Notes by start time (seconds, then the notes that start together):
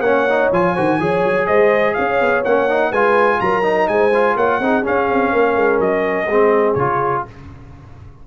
0.00 A#3 C#4 C#5 F#5
0.29 D#4
0.52 F3 F4 G#5
0.74 D#3 F#4 C5
0.99 F3 G#4 C#5
1.24 F#3
1.47 G#3 C5 D#5
1.94 C#4 C#5 F5
2.20 B3
2.44 A#3 C#4 F#5
2.69 D#4
2.89 G#3 F4 B4 G#5
3.40 F#3 A#4 A#5
3.63 D#4
3.88 G#3 C5 G#5
4.14 F4
4.36 A#3 C#5 F#5
4.60 C4 D#4 G#4
4.83 C#4 F5
5.10 C4
5.32 A#3 A#4
5.56 G#3
5.80 F#3 D#5
6.27 G#3 C4 G#4
6.74 C#3 F4 C#5